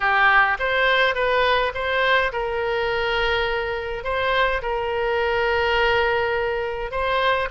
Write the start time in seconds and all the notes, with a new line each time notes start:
0.00 G4
0.59 C5
1.14 B4
1.74 C5
2.32 A#4
4.04 C5
4.62 A#4
6.91 C5